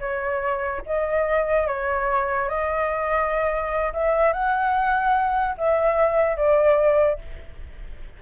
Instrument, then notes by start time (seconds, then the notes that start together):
flute
0.00 C#5
0.86 D#5
1.68 C#5
2.49 D#5
3.93 E5
4.33 F#5
5.58 E5
6.37 D5